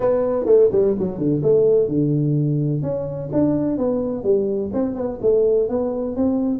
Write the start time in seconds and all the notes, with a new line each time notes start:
0.00 B3
0.45 A3
0.72 G3
0.98 F#3
1.17 D3
1.43 A3
1.88 D3
2.82 C#4
3.32 D4
3.77 B3
4.23 G3
4.73 C4
4.95 B3
5.21 A3
5.68 B3
6.16 C4